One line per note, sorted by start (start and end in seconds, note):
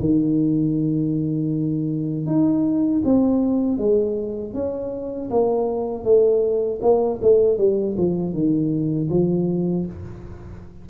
0.00 2.26 D#3
2.26 3.02 D#4
3.05 3.78 C4
3.78 4.54 G#3
4.54 5.30 C#4
5.30 6.04 A#3
6.04 6.80 A3
6.82 7.20 A#3
7.22 7.58 A3
7.58 7.96 G3
7.97 8.33 F3
8.33 9.09 D#3
9.10 9.86 F3